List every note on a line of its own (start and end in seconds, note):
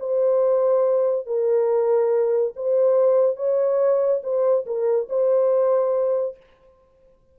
0.00 1.27 C5
1.27 2.55 A#4
2.56 3.37 C5
3.37 4.22 C#5
4.24 4.66 C5
4.66 5.09 A#4
5.09 6.37 C5